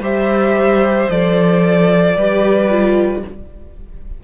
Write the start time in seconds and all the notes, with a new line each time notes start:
0.00 G3 G4 C5 E5
1.10 F3 A4 D5
2.16 G3 G4 B4
2.70 F4